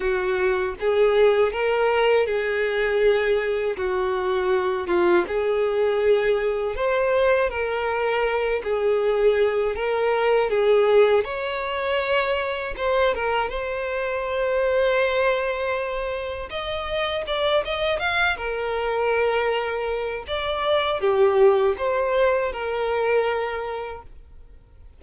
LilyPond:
\new Staff \with { instrumentName = "violin" } { \time 4/4 \tempo 4 = 80 fis'4 gis'4 ais'4 gis'4~ | gis'4 fis'4. f'8 gis'4~ | gis'4 c''4 ais'4. gis'8~ | gis'4 ais'4 gis'4 cis''4~ |
cis''4 c''8 ais'8 c''2~ | c''2 dis''4 d''8 dis''8 | f''8 ais'2~ ais'8 d''4 | g'4 c''4 ais'2 | }